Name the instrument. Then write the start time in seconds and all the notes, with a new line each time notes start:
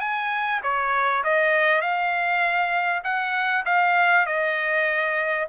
trumpet
0.00 G#5
0.63 C#5
1.24 D#5
1.81 F5
3.04 F#5
3.65 F5
4.26 D#5